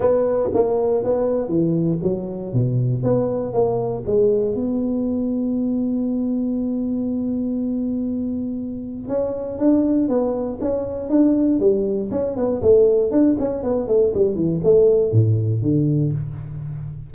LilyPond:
\new Staff \with { instrumentName = "tuba" } { \time 4/4 \tempo 4 = 119 b4 ais4 b4 e4 | fis4 b,4 b4 ais4 | gis4 b2.~ | b1~ |
b2 cis'4 d'4 | b4 cis'4 d'4 g4 | cis'8 b8 a4 d'8 cis'8 b8 a8 | g8 e8 a4 a,4 d4 | }